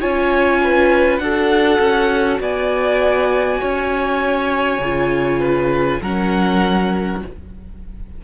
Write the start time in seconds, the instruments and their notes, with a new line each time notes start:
0.00 cello C#4, viola F4, violin C#5 G#5
0.63 violin B4
1.18 cello D4, viola F#4, violin A4 F#5
1.79 cello C#4
2.39 cello B3, violin D5 G#5
3.60 cello C#4, violin C#5
4.78 cello C#3, viola F4
5.40 violin B4
6.01 cello F#3, viola C#4, violin A#4 F#5